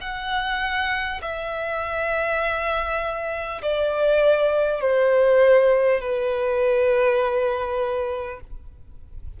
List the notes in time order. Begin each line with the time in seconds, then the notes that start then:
0.00 F#5
1.21 E5
3.62 D5
4.80 C5
6.00 B4